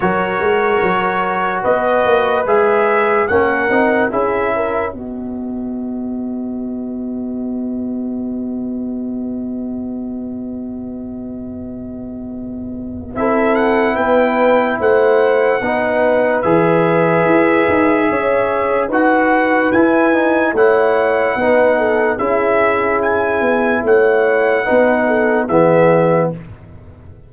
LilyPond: <<
  \new Staff \with { instrumentName = "trumpet" } { \time 4/4 \tempo 4 = 73 cis''2 dis''4 e''4 | fis''4 e''4 dis''2~ | dis''1~ | dis''1 |
e''8 fis''8 g''4 fis''2 | e''2. fis''4 | gis''4 fis''2 e''4 | gis''4 fis''2 e''4 | }
  \new Staff \with { instrumentName = "horn" } { \time 4/4 ais'2 b'2 | ais'4 gis'8 ais'8 b'2~ | b'1~ | b'1 |
a'4 b'4 c''4 b'4~ | b'2 cis''4 b'4~ | b'4 cis''4 b'8 a'8 gis'4~ | gis'4 cis''4 b'8 a'8 gis'4 | }
  \new Staff \with { instrumentName = "trombone" } { \time 4/4 fis'2. gis'4 | cis'8 dis'8 e'4 fis'2~ | fis'1~ | fis'1 |
e'2. dis'4 | gis'2. fis'4 | e'8 dis'8 e'4 dis'4 e'4~ | e'2 dis'4 b4 | }
  \new Staff \with { instrumentName = "tuba" } { \time 4/4 fis8 gis8 fis4 b8 ais8 gis4 | ais8 c'8 cis'4 b2~ | b1~ | b1 |
c'4 b4 a4 b4 | e4 e'8 dis'8 cis'4 dis'4 | e'4 a4 b4 cis'4~ | cis'8 b8 a4 b4 e4 | }
>>